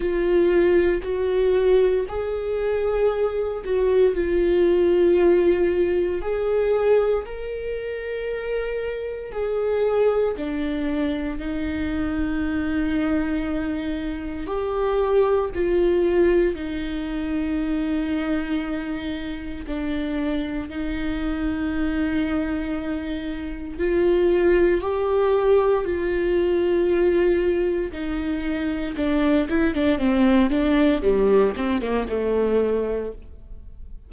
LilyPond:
\new Staff \with { instrumentName = "viola" } { \time 4/4 \tempo 4 = 58 f'4 fis'4 gis'4. fis'8 | f'2 gis'4 ais'4~ | ais'4 gis'4 d'4 dis'4~ | dis'2 g'4 f'4 |
dis'2. d'4 | dis'2. f'4 | g'4 f'2 dis'4 | d'8 e'16 d'16 c'8 d'8 g8 c'16 ais16 a4 | }